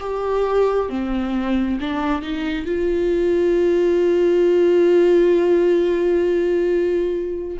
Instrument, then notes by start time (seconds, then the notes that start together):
viola
0.00 G4
0.89 C4
1.80 D4
2.22 D#4
2.66 F4